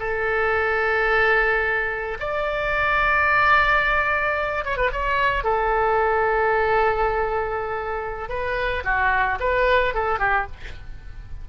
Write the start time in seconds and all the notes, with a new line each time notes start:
0.00 A4
2.20 D5
4.65 C#5
4.78 B4
4.92 C#5
5.44 A4
8.29 B4
8.84 F#4
9.40 B4
9.95 A4
10.20 G4